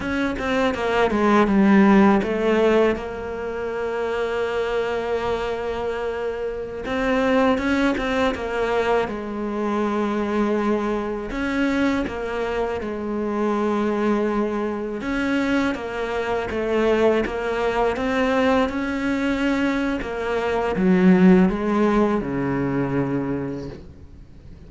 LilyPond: \new Staff \with { instrumentName = "cello" } { \time 4/4 \tempo 4 = 81 cis'8 c'8 ais8 gis8 g4 a4 | ais1~ | ais4~ ais16 c'4 cis'8 c'8 ais8.~ | ais16 gis2. cis'8.~ |
cis'16 ais4 gis2~ gis8.~ | gis16 cis'4 ais4 a4 ais8.~ | ais16 c'4 cis'4.~ cis'16 ais4 | fis4 gis4 cis2 | }